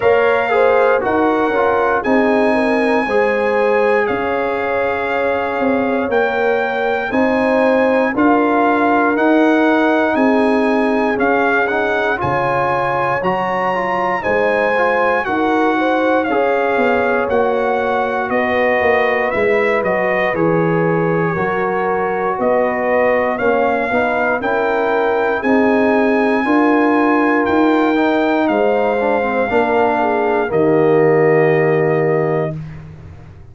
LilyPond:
<<
  \new Staff \with { instrumentName = "trumpet" } { \time 4/4 \tempo 4 = 59 f''4 fis''4 gis''2 | f''2 g''4 gis''4 | f''4 fis''4 gis''4 f''8 fis''8 | gis''4 ais''4 gis''4 fis''4 |
f''4 fis''4 dis''4 e''8 dis''8 | cis''2 dis''4 f''4 | g''4 gis''2 g''4 | f''2 dis''2 | }
  \new Staff \with { instrumentName = "horn" } { \time 4/4 cis''8 c''8 ais'4 gis'8 ais'8 c''4 | cis''2. c''4 | ais'2 gis'2 | cis''2 c''4 ais'8 c''8 |
cis''2 b'2~ | b'4 ais'4 b'4 cis''8 b'8 | ais'4 gis'4 ais'2 | c''4 ais'8 gis'8 g'2 | }
  \new Staff \with { instrumentName = "trombone" } { \time 4/4 ais'8 gis'8 fis'8 f'8 dis'4 gis'4~ | gis'2 ais'4 dis'4 | f'4 dis'2 cis'8 dis'8 | f'4 fis'8 f'8 dis'8 f'8 fis'4 |
gis'4 fis'2 e'8 fis'8 | gis'4 fis'2 cis'8 dis'8 | e'4 dis'4 f'4. dis'8~ | dis'8 d'16 c'16 d'4 ais2 | }
  \new Staff \with { instrumentName = "tuba" } { \time 4/4 ais4 dis'8 cis'8 c'4 gis4 | cis'4. c'8 ais4 c'4 | d'4 dis'4 c'4 cis'4 | cis4 fis4 gis4 dis'4 |
cis'8 b8 ais4 b8 ais8 gis8 fis8 | e4 fis4 b4 ais8 b8 | cis'4 c'4 d'4 dis'4 | gis4 ais4 dis2 | }
>>